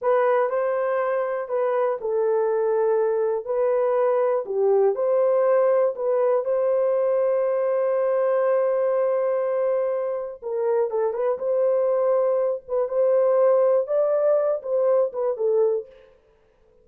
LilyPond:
\new Staff \with { instrumentName = "horn" } { \time 4/4 \tempo 4 = 121 b'4 c''2 b'4 | a'2. b'4~ | b'4 g'4 c''2 | b'4 c''2.~ |
c''1~ | c''4 ais'4 a'8 b'8 c''4~ | c''4. b'8 c''2 | d''4. c''4 b'8 a'4 | }